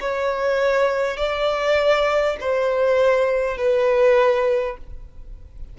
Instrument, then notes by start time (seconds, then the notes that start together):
violin
0.00 C#5
1.17 D5
2.40 C5
3.57 B4